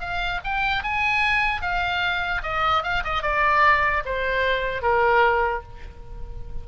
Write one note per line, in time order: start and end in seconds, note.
0.00 0.40 F5
0.44 0.83 G5
0.83 1.61 G#5
1.61 2.42 F5
2.43 2.83 D#5
2.83 3.03 F5
3.04 3.22 D#5
3.22 4.03 D5
4.05 4.82 C5
4.82 5.63 A#4